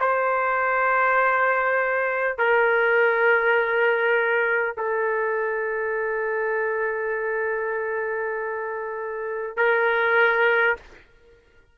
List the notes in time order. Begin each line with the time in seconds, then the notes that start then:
0.00 C5
2.39 A#4
4.77 A4
9.57 A#4